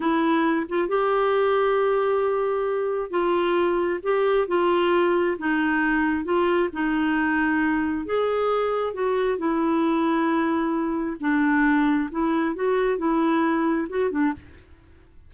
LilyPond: \new Staff \with { instrumentName = "clarinet" } { \time 4/4 \tempo 4 = 134 e'4. f'8 g'2~ | g'2. f'4~ | f'4 g'4 f'2 | dis'2 f'4 dis'4~ |
dis'2 gis'2 | fis'4 e'2.~ | e'4 d'2 e'4 | fis'4 e'2 fis'8 d'8 | }